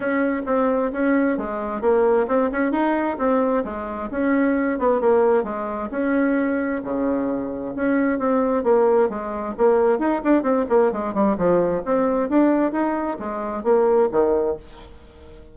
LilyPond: \new Staff \with { instrumentName = "bassoon" } { \time 4/4 \tempo 4 = 132 cis'4 c'4 cis'4 gis4 | ais4 c'8 cis'8 dis'4 c'4 | gis4 cis'4. b8 ais4 | gis4 cis'2 cis4~ |
cis4 cis'4 c'4 ais4 | gis4 ais4 dis'8 d'8 c'8 ais8 | gis8 g8 f4 c'4 d'4 | dis'4 gis4 ais4 dis4 | }